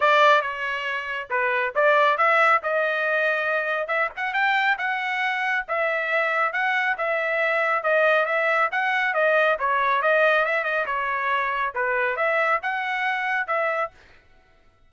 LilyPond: \new Staff \with { instrumentName = "trumpet" } { \time 4/4 \tempo 4 = 138 d''4 cis''2 b'4 | d''4 e''4 dis''2~ | dis''4 e''8 fis''8 g''4 fis''4~ | fis''4 e''2 fis''4 |
e''2 dis''4 e''4 | fis''4 dis''4 cis''4 dis''4 | e''8 dis''8 cis''2 b'4 | e''4 fis''2 e''4 | }